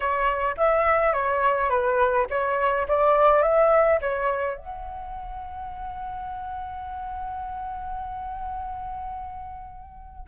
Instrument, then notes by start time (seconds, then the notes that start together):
flute
0.00 C#5
0.57 E5
1.13 C#5
1.69 B4
2.29 C#5
2.88 D5
3.42 E5
4.01 C#5
4.57 F#5